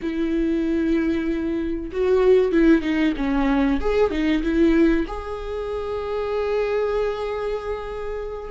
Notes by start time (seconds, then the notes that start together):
0.01 E4
1.92 F#4
2.51 E4
2.82 D#4
3.16 C#4
3.80 G#4
4.10 D#4
4.42 E4
5.07 G#4